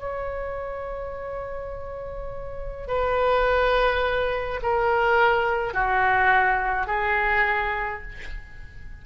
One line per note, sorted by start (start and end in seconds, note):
0.00 2.88 C#5
2.88 4.61 B4
4.63 5.74 A#4
5.74 6.88 F#4
6.88 8.03 G#4